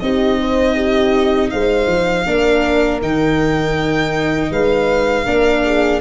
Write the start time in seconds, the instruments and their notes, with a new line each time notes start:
0.00 tuba C4, viola D#4, horn G4, violin D#5
0.41 horn C5
0.75 horn G4
1.50 tuba G#3, horn C5, violin F5
1.87 tuba F3
2.25 tuba A#3, viola D4, horn A#4
3.01 tuba D#3, viola D#4, violin G5
4.50 tuba G#3, horn B4, violin F5
5.25 tuba A#3, viola D4, horn A#4
5.65 horn G#4